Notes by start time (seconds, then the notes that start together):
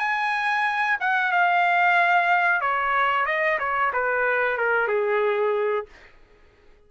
0.00 G#5
1.01 F#5
1.32 F5
2.61 C#5
3.26 D#5
3.60 C#5
3.93 B4
4.58 A#4
4.88 G#4